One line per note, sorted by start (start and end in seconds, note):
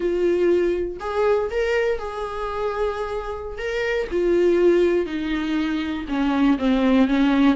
0.00 0.97 F4
0.99 1.49 G#4
1.50 1.98 A#4
1.98 3.58 G#4
3.58 4.07 A#4
4.11 5.06 F4
5.06 6.05 D#4
6.08 6.58 C#4
6.58 7.07 C4
7.07 7.55 C#4